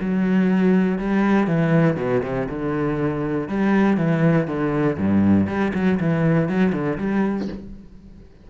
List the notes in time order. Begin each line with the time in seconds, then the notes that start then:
0.00 F#3
0.98 G3
1.47 E3
1.96 B2
2.23 C3
2.49 D3
3.48 G3
3.97 E3
4.47 D3
4.98 G2
5.47 G3
5.74 F#3
6.00 E3
6.48 F#3
6.72 D3
6.97 G3